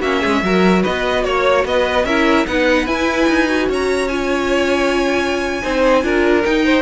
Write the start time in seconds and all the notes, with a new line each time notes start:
0.00 A#3 C#4 F#4 E5
0.20 G#3 G#4
0.43 F#3 F#4 A#4
0.83 B3 B4 D#5
1.24 A#3 C#5
1.64 B3 B4 D#5
2.05 C#4 E4 A#4 E5
2.47 B3 D#4 B4 F#5
2.87 E4 G#5
3.29 D#4
3.48 F#4
3.69 C#4 C#5 A#5
4.08 F4 G#5
5.62 C4 D#4 C5
6.03 D4 F4 A#4
6.44 D#4 G5
6.65 C5